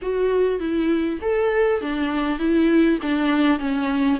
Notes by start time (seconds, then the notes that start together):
0.01 F#4
0.59 E4
1.21 A4
1.81 D4
2.38 E4
3.02 D4
3.59 C#4